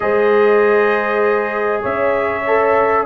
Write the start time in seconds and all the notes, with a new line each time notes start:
0.00 G#3 G#4 C5 D#5
1.82 C#4 C#5 E5
2.47 A4